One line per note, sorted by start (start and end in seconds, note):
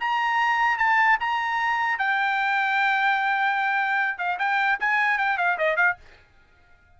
0.00 0.78 A#5
0.78 1.18 A5
1.20 1.98 A#5
1.98 4.18 G5
4.18 4.38 F5
4.39 4.79 G5
4.80 5.18 G#5
5.18 5.38 G5
5.38 5.58 F5
5.58 5.76 D#5
5.76 5.96 F5